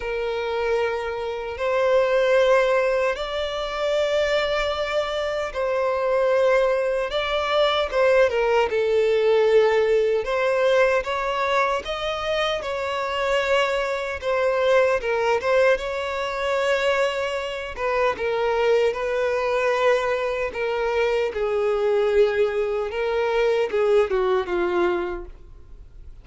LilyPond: \new Staff \with { instrumentName = "violin" } { \time 4/4 \tempo 4 = 76 ais'2 c''2 | d''2. c''4~ | c''4 d''4 c''8 ais'8 a'4~ | a'4 c''4 cis''4 dis''4 |
cis''2 c''4 ais'8 c''8 | cis''2~ cis''8 b'8 ais'4 | b'2 ais'4 gis'4~ | gis'4 ais'4 gis'8 fis'8 f'4 | }